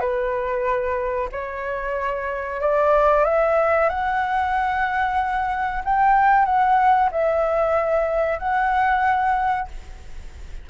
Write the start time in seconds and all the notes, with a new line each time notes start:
0.00 B4
1.32 C#5
2.61 D5
3.25 E5
3.89 F#5
5.84 G5
6.45 F#5
7.11 E5
8.39 F#5